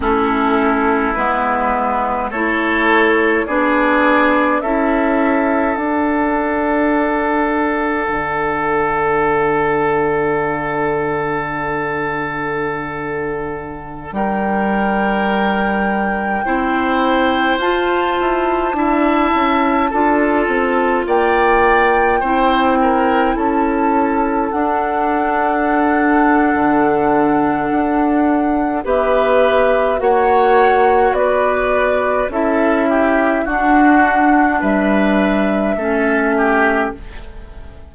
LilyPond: <<
  \new Staff \with { instrumentName = "flute" } { \time 4/4 \tempo 4 = 52 a'4 b'4 cis''4 d''4 | e''4 fis''2.~ | fis''1~ | fis''16 g''2. a''8.~ |
a''2~ a''16 g''4.~ g''16~ | g''16 a''4 fis''2~ fis''8.~ | fis''4 e''4 fis''4 d''4 | e''4 fis''4 e''2 | }
  \new Staff \with { instrumentName = "oboe" } { \time 4/4 e'2 a'4 gis'4 | a'1~ | a'1~ | a'16 ais'2 c''4.~ c''16~ |
c''16 e''4 a'4 d''4 c''8 ais'16~ | ais'16 a'2.~ a'8.~ | a'4 b'4 cis''4 b'4 | a'8 g'8 fis'4 b'4 a'8 g'8 | }
  \new Staff \with { instrumentName = "clarinet" } { \time 4/4 cis'4 b4 e'4 d'4 | e'4 d'2.~ | d'1~ | d'2~ d'16 e'4 f'8.~ |
f'16 e'4 f'2 e'8.~ | e'4~ e'16 d'2~ d'8.~ | d'4 g'4 fis'2 | e'4 d'2 cis'4 | }
  \new Staff \with { instrumentName = "bassoon" } { \time 4/4 a4 gis4 a4 b4 | cis'4 d'2 d4~ | d1~ | d16 g2 c'4 f'8 e'16~ |
e'16 d'8 cis'8 d'8 c'8 ais4 c'8.~ | c'16 cis'4 d'4.~ d'16 d4 | d'4 b4 ais4 b4 | cis'4 d'4 g4 a4 | }
>>